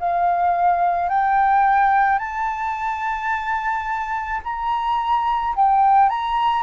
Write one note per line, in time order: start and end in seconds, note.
0.00 1.10 F5
1.10 2.19 G5
2.19 4.41 A5
4.44 5.56 A#5
5.56 6.10 G5
6.10 6.64 A#5